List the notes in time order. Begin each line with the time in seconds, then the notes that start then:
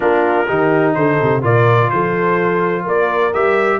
0.00 A#3 D4 F4 A#4
0.47 D#3 D#4 G4
0.94 D3 A4 C5
1.21 C3
1.42 A#2 F4 A#4 D5
1.90 F3 A4 C5
2.83 A#3 A#4 D5
3.33 G3 G4 E5